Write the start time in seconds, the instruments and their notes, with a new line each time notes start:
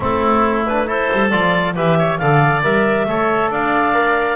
0.00 double bass A3, trombone C4, oboe E4, clarinet A4
0.66 trombone D4, clarinet B4
0.85 trombone E4, oboe A4, clarinet C5
1.11 double bass G3
1.30 double bass F3, trombone F4, clarinet D5
1.75 double bass E3, trombone G4, oboe B4, clarinet E5
1.99 oboe C#5
2.17 double bass D3, trombone A4, oboe D5, clarinet F5
2.63 double bass G3, trombone A#4, clarinet E5
3.05 double bass A3, trombone A4, oboe C#5
3.49 double bass D4, oboe D5, clarinet F5
3.93 trombone A#4